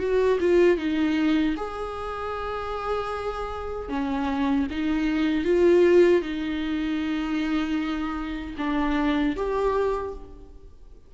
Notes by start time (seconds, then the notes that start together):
0.00 F#4
0.40 F4
0.78 D#4
1.57 G#4
3.90 C#4
4.71 D#4
5.45 F4
6.22 D#4
8.58 D4
9.37 G4